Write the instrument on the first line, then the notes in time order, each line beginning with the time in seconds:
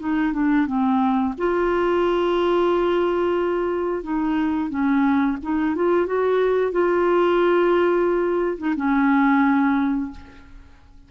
clarinet
0.00 D#4
0.33 D4
0.67 C4
1.39 F4
4.04 D#4
4.70 C#4
5.43 D#4
5.76 F4
6.07 F#4
6.72 F4
8.58 D#4
8.77 C#4